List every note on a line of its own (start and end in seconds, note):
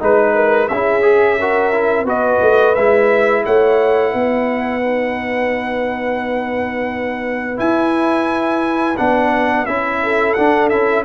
0.00 0.70 G#3
0.00 0.69 D#4
0.00 0.35 B4
0.00 0.68 B4
0.35 0.70 A#4
0.68 2.05 C#4
0.68 1.02 E4
0.68 1.39 G#4
0.68 2.06 E5
1.02 1.37 G#4
1.39 1.73 F#4
1.39 2.06 A#4
1.73 2.06 E4
2.05 2.39 B3
2.05 2.75 F#4
2.05 3.44 B4
2.05 2.75 D#5
2.42 2.76 A3
2.75 3.46 G#3
2.75 4.82 E4
2.75 3.44 E5
3.45 4.14 A3
3.45 4.12 C#5
3.45 7.59 F#5
4.12 7.59 B3
4.12 9.98 B4
4.82 7.57 D#4
7.57 8.95 E4
7.57 8.97 E4
7.57 8.97 G#5
8.97 9.67 B3
8.97 9.67 D4
8.97 9.66 F#5
9.66 10.36 C#4
9.66 10.36 E4
9.66 10.34 E5
10.03 11.05 A4
10.34 10.72 D4
10.34 10.71 D4
10.34 10.68 F#5
10.69 11.05 C#4
10.69 11.05 E4
10.69 11.04 E5